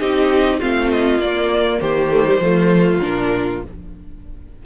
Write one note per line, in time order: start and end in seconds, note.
0.00 0.61 C4
0.00 0.61 D#4
0.00 0.60 G4
0.00 0.60 D#5
0.60 1.19 A3
0.60 1.21 C4
0.60 1.80 F4
0.60 0.91 F5
0.91 1.21 D#5
1.19 1.79 A#3
1.19 2.11 A#3
1.19 1.81 D5
1.81 2.39 D#3
1.81 2.41 G4
1.81 3.01 C5
2.11 2.25 A3
2.25 2.40 G3
2.39 2.99 F3
2.39 3.02 A3
2.46 3.66 F4
3.02 3.64 A#2
3.02 3.62 D4
3.02 3.63 A#4